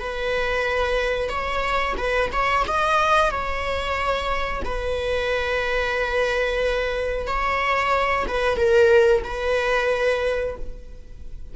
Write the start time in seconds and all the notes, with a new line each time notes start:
0.00 B4
1.29 C#5
1.98 B4
2.33 C#5
2.68 D#5
3.31 C#5
4.65 B4
7.27 C#5
8.28 B4
8.57 A#4
9.24 B4